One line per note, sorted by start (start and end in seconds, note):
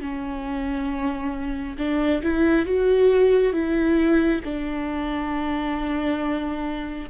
0.00 1.76 C#4
1.78 2.22 D4
2.23 2.65 E4
2.65 3.53 F#4
3.53 4.41 E4
4.44 7.09 D4